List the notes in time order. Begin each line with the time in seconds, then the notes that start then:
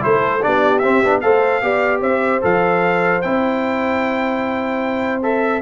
0.00 A3 E4 A4 C5
0.42 B3 D4 G4 D5
0.79 C4 E5
1.03 B3 D4
1.21 A3 A4 C5 F5
1.62 B3 G4 D5
2.00 C4 C5 E5
2.41 F3 A4 F5
3.21 C4 E4 G5
5.22 A4 E5